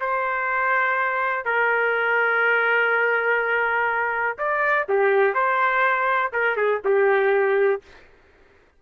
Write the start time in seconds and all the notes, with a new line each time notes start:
0.00 C5
1.45 A#4
4.38 D5
4.88 G4
5.34 C5
6.32 A#4
6.57 G#4
6.84 G4